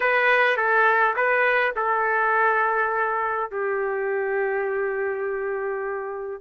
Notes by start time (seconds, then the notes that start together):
0.00 B4
0.56 A4
1.15 B4
1.76 A4
3.50 G4